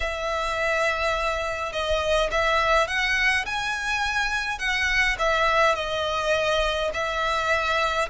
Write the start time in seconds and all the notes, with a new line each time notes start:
0.00 E5
1.72 D#5
2.31 E5
2.87 F#5
3.45 G#5
4.58 F#5
5.18 E5
5.75 D#5
6.93 E5